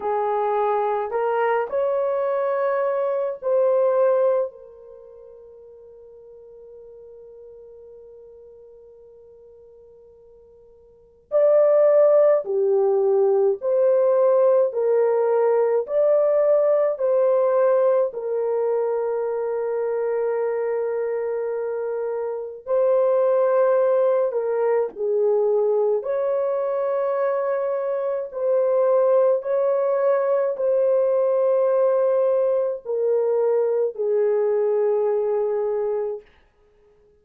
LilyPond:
\new Staff \with { instrumentName = "horn" } { \time 4/4 \tempo 4 = 53 gis'4 ais'8 cis''4. c''4 | ais'1~ | ais'2 d''4 g'4 | c''4 ais'4 d''4 c''4 |
ais'1 | c''4. ais'8 gis'4 cis''4~ | cis''4 c''4 cis''4 c''4~ | c''4 ais'4 gis'2 | }